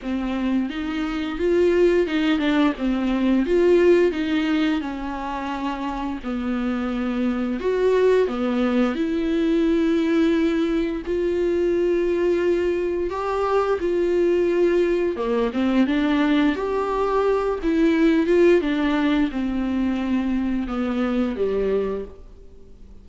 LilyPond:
\new Staff \with { instrumentName = "viola" } { \time 4/4 \tempo 4 = 87 c'4 dis'4 f'4 dis'8 d'8 | c'4 f'4 dis'4 cis'4~ | cis'4 b2 fis'4 | b4 e'2. |
f'2. g'4 | f'2 ais8 c'8 d'4 | g'4. e'4 f'8 d'4 | c'2 b4 g4 | }